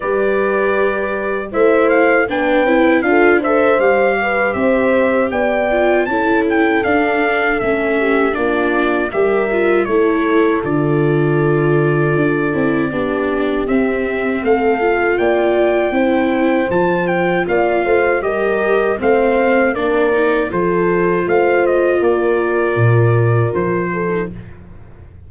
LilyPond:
<<
  \new Staff \with { instrumentName = "trumpet" } { \time 4/4 \tempo 4 = 79 d''2 e''8 f''8 g''4 | f''8 e''8 f''4 e''4 g''4 | a''8 g''8 f''4 e''4 d''4 | e''4 cis''4 d''2~ |
d''2 e''4 f''4 | g''2 a''8 g''8 f''4 | dis''4 f''4 d''4 c''4 | f''8 dis''8 d''2 c''4 | }
  \new Staff \with { instrumentName = "horn" } { \time 4/4 b'2 c''4 b'4 | a'8 c''4 b'8 c''4 d''4 | a'2~ a'8 g'8 f'4 | ais'4 a'2.~ |
a'4 g'2 a'4 | d''4 c''2 d''8 c''8 | ais'4 c''4 ais'4 a'4 | c''4 ais'2~ ais'8 a'8 | }
  \new Staff \with { instrumentName = "viola" } { \time 4/4 g'2 e'4 d'8 e'8 | f'8 a'8 g'2~ g'8 f'8 | e'4 d'4 cis'4 d'4 | g'8 f'8 e'4 f'2~ |
f'8 e'8 d'4 c'4. f'8~ | f'4 e'4 f'2 | g'4 c'4 d'8 dis'8 f'4~ | f'2.~ f'8. dis'16 | }
  \new Staff \with { instrumentName = "tuba" } { \time 4/4 g2 a4 b8 c'8 | d'4 g4 c'4 b4 | cis'4 d'4 a4 ais4 | g4 a4 d2 |
d'8 c'8 b4 c'4 a4 | ais4 c'4 f4 ais8 a8 | g4 a4 ais4 f4 | a4 ais4 ais,4 f4 | }
>>